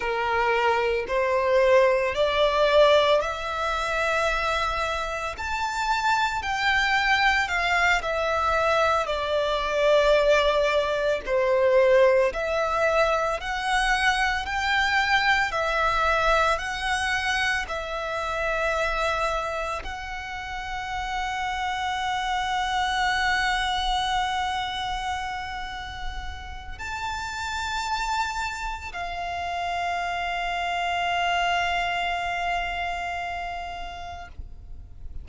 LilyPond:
\new Staff \with { instrumentName = "violin" } { \time 4/4 \tempo 4 = 56 ais'4 c''4 d''4 e''4~ | e''4 a''4 g''4 f''8 e''8~ | e''8 d''2 c''4 e''8~ | e''8 fis''4 g''4 e''4 fis''8~ |
fis''8 e''2 fis''4.~ | fis''1~ | fis''4 a''2 f''4~ | f''1 | }